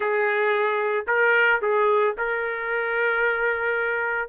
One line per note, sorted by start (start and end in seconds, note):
0.00 1.05 G#4
1.07 1.60 A#4
1.61 2.15 G#4
2.17 4.29 A#4